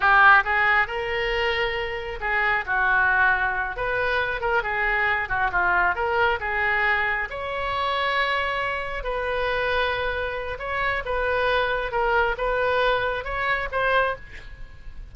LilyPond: \new Staff \with { instrumentName = "oboe" } { \time 4/4 \tempo 4 = 136 g'4 gis'4 ais'2~ | ais'4 gis'4 fis'2~ | fis'8 b'4. ais'8 gis'4. | fis'8 f'4 ais'4 gis'4.~ |
gis'8 cis''2.~ cis''8~ | cis''8 b'2.~ b'8 | cis''4 b'2 ais'4 | b'2 cis''4 c''4 | }